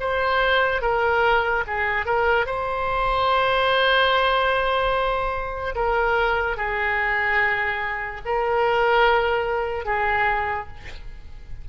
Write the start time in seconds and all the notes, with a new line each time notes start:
0.00 C5
0.82 A#4
1.67 G#4
2.05 A#4
2.46 C5
5.75 A#4
6.57 G#4
8.25 A#4
9.85 G#4